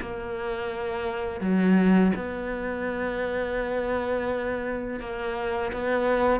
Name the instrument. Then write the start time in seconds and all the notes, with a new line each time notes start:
cello
0.00 A#3
1.40 F#3
2.16 B3
5.00 A#3
5.72 B3